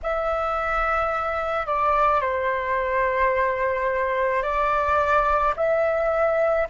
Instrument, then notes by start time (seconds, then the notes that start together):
flute
0.03 E5
1.66 D5
2.21 C5
4.42 D5
5.56 E5